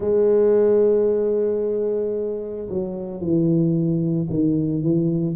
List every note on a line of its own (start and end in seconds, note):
0.00 2.68 G#3
2.69 3.20 F#3
3.20 4.28 E3
4.29 4.82 D#3
4.82 5.36 E3